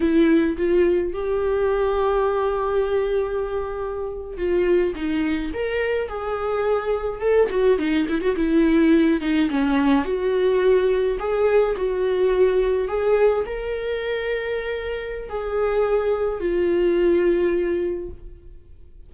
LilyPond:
\new Staff \with { instrumentName = "viola" } { \time 4/4 \tempo 4 = 106 e'4 f'4 g'2~ | g'2.~ g'8. f'16~ | f'8. dis'4 ais'4 gis'4~ gis'16~ | gis'8. a'8 fis'8 dis'8 e'16 fis'16 e'4~ e'16~ |
e'16 dis'8 cis'4 fis'2 gis'16~ | gis'8. fis'2 gis'4 ais'16~ | ais'2. gis'4~ | gis'4 f'2. | }